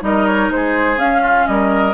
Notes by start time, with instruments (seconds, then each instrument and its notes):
0.00 bassoon G3, clarinet D#4, oboe A#4, flute D#5
0.27 flute C#5
0.50 bassoon G#3, oboe G#4, flute C5
0.97 bassoon C#4, clarinet C#4, flute F5
1.22 oboe F4
1.46 bassoon G3, oboe A#4, flute D#5